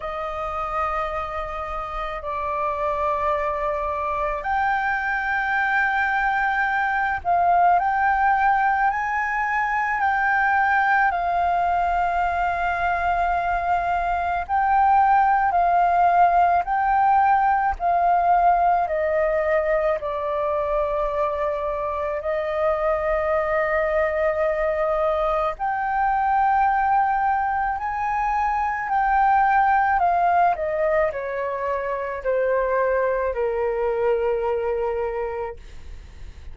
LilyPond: \new Staff \with { instrumentName = "flute" } { \time 4/4 \tempo 4 = 54 dis''2 d''2 | g''2~ g''8 f''8 g''4 | gis''4 g''4 f''2~ | f''4 g''4 f''4 g''4 |
f''4 dis''4 d''2 | dis''2. g''4~ | g''4 gis''4 g''4 f''8 dis''8 | cis''4 c''4 ais'2 | }